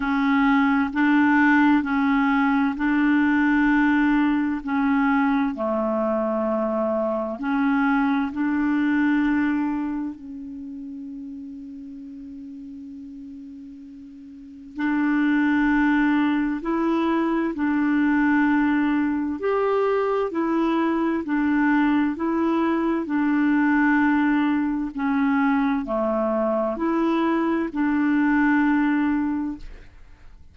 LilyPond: \new Staff \with { instrumentName = "clarinet" } { \time 4/4 \tempo 4 = 65 cis'4 d'4 cis'4 d'4~ | d'4 cis'4 a2 | cis'4 d'2 cis'4~ | cis'1 |
d'2 e'4 d'4~ | d'4 g'4 e'4 d'4 | e'4 d'2 cis'4 | a4 e'4 d'2 | }